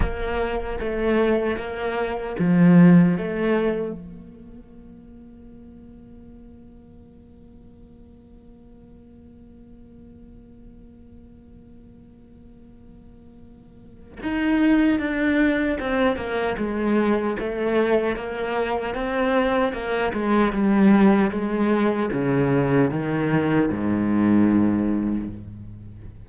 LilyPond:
\new Staff \with { instrumentName = "cello" } { \time 4/4 \tempo 4 = 76 ais4 a4 ais4 f4 | a4 ais2.~ | ais1~ | ais1~ |
ais2 dis'4 d'4 | c'8 ais8 gis4 a4 ais4 | c'4 ais8 gis8 g4 gis4 | cis4 dis4 gis,2 | }